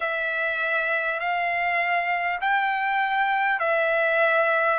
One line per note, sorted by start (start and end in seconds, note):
0.00 1.19 E5
1.19 2.39 F5
2.41 3.59 G5
3.59 4.79 E5